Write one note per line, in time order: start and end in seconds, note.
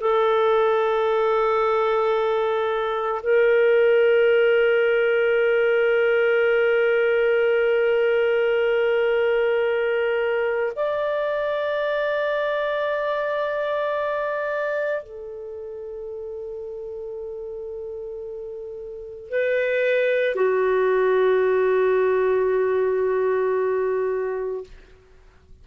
0.00 3.21 A4
3.22 10.72 A#4
10.75 15.03 D5
15.03 19.29 A4
19.29 20.35 B4
20.35 24.64 F#4